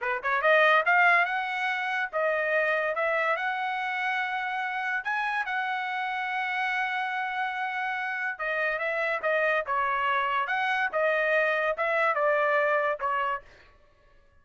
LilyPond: \new Staff \with { instrumentName = "trumpet" } { \time 4/4 \tempo 4 = 143 b'8 cis''8 dis''4 f''4 fis''4~ | fis''4 dis''2 e''4 | fis''1 | gis''4 fis''2.~ |
fis''1 | dis''4 e''4 dis''4 cis''4~ | cis''4 fis''4 dis''2 | e''4 d''2 cis''4 | }